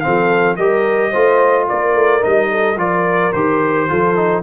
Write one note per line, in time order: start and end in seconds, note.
0.00 0.58 C4
0.00 0.57 A4
0.00 0.55 F5
0.06 0.57 F3
0.56 1.12 G3
0.56 1.13 G4
0.56 1.10 A#4
0.56 1.66 D#5
1.10 1.70 A3
1.10 2.21 F4
1.10 1.65 C5
1.68 1.95 A#3
1.68 2.50 A#4
1.68 2.23 D5
1.95 2.22 A3
2.21 2.76 G3
2.21 2.76 D#4
2.21 2.78 D#5
2.50 2.78 A4
2.76 3.31 F3
2.76 3.33 F4
2.76 3.89 A#4
2.76 3.33 D5
3.33 3.89 D#3
3.33 3.88 G4
3.33 4.42 C5
3.88 4.42 F3
3.88 4.15 F4
3.88 4.42 A4
4.15 4.42 D#4